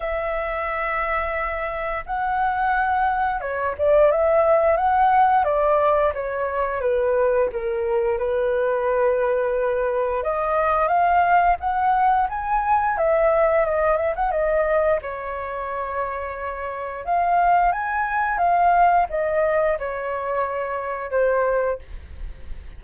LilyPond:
\new Staff \with { instrumentName = "flute" } { \time 4/4 \tempo 4 = 88 e''2. fis''4~ | fis''4 cis''8 d''8 e''4 fis''4 | d''4 cis''4 b'4 ais'4 | b'2. dis''4 |
f''4 fis''4 gis''4 e''4 | dis''8 e''16 fis''16 dis''4 cis''2~ | cis''4 f''4 gis''4 f''4 | dis''4 cis''2 c''4 | }